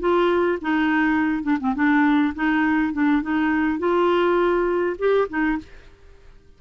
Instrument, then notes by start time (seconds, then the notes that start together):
clarinet
0.00 F4
0.61 D#4
1.43 D4
1.60 C4
1.75 D4
2.35 D#4
2.93 D4
3.22 D#4
3.79 F4
4.99 G4
5.29 D#4